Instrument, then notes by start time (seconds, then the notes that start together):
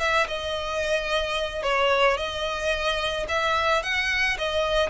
violin
0.00 E5
0.28 D#5
1.63 C#5
2.18 D#5
3.29 E5
3.83 F#5
4.39 D#5